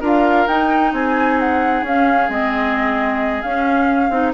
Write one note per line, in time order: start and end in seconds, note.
0.00 0.46 D4
0.00 0.47 F4
0.00 0.91 A#4
0.07 0.47 F5
0.47 0.92 D#4
0.47 1.85 D#4
0.47 0.93 G5
0.92 1.82 C4
0.92 4.34 G#4
0.92 1.39 G#5
1.39 1.84 F#5
1.82 2.28 C#4
1.82 2.30 C#4
1.82 2.30 F5
2.29 3.42 G#3
2.29 3.43 C4
2.29 3.42 D#5
3.42 4.10 C#4
3.42 4.11 C#4
3.42 4.33 F5
4.10 4.32 C4
4.10 4.34 D#4